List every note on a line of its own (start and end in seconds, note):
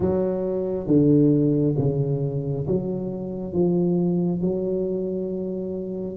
0.00 0.86 F#3
0.86 1.74 D3
1.78 2.66 C#3
2.67 3.53 F#3
3.53 4.41 F3
4.41 6.17 F#3